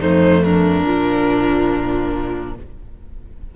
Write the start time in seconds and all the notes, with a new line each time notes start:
0.00 F2 A3 D#4 C5
0.44 D4 A#4
0.87 A#2 F3